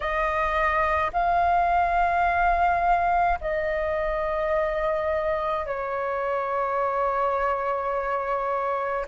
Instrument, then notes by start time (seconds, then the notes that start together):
flute
0.00 D#5
1.13 F5
3.40 D#5
5.66 C#5